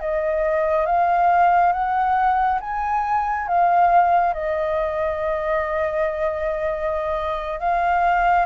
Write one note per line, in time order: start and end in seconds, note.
0.00 0.86 D#5
0.86 1.72 F5
1.72 2.59 F#5
2.60 3.47 G#5
3.47 4.34 F5
4.34 7.60 D#5
7.60 8.45 F5